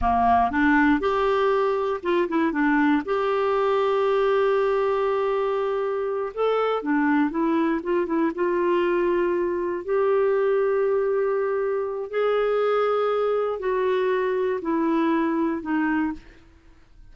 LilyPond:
\new Staff \with { instrumentName = "clarinet" } { \time 4/4 \tempo 4 = 119 ais4 d'4 g'2 | f'8 e'8 d'4 g'2~ | g'1~ | g'8 a'4 d'4 e'4 f'8 |
e'8 f'2. g'8~ | g'1 | gis'2. fis'4~ | fis'4 e'2 dis'4 | }